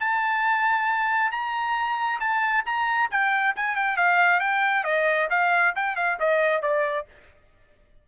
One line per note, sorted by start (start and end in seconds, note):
0.00 1.32 A5
1.32 2.20 A#5
2.20 2.64 A5
2.66 3.10 A#5
3.11 3.55 G5
3.56 3.76 G#5
3.76 3.97 G5
3.97 4.40 F5
4.40 4.84 G5
4.84 5.28 D#5
5.30 5.74 F5
5.76 5.96 G5
5.96 6.18 F5
6.20 6.62 D#5
6.62 7.06 D5